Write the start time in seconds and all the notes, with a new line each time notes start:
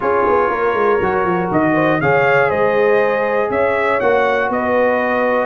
0.00 C#4 F4 G#4 C#5
0.27 B3
0.49 A#3 A#4
0.73 G#3
1.00 F#3 F#4
1.24 F3
1.51 D#3 D#5
1.73 C5
2.00 C#3 G#4 C#5 F5
2.48 G#3 C5 D#5
3.50 C#4 C#5 E5
4.00 A#3 F#4 F#5
4.49 B3 B4 D#5